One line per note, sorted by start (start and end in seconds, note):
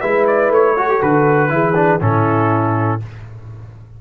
0.00 0.49 G#3
0.00 0.77 E4
0.00 0.74 B4
0.00 0.25 E5
0.26 0.51 D5
0.49 0.99 A3
0.49 1.02 C#5
0.74 0.89 F#4
0.74 1.49 A4
0.89 1.01 G4
1.01 1.50 D3
1.01 1.48 F#4
1.01 2.01 B4
1.48 2.00 E3
1.48 1.73 E4
1.48 2.01 G#4
1.74 1.99 D4
2.00 2.99 A2
2.00 2.99 C#4
2.00 3.00 E4
2.00 3.01 A4